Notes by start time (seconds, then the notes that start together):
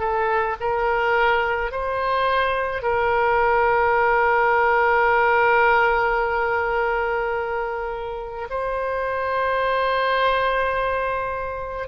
0.00 A4
0.61 A#4
1.72 C5
2.83 A#4
8.50 C5